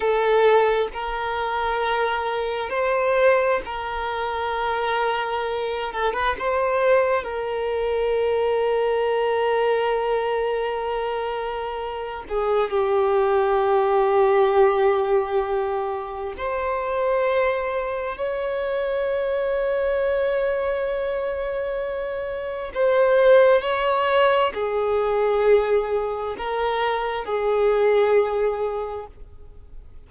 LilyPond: \new Staff \with { instrumentName = "violin" } { \time 4/4 \tempo 4 = 66 a'4 ais'2 c''4 | ais'2~ ais'8 a'16 b'16 c''4 | ais'1~ | ais'4. gis'8 g'2~ |
g'2 c''2 | cis''1~ | cis''4 c''4 cis''4 gis'4~ | gis'4 ais'4 gis'2 | }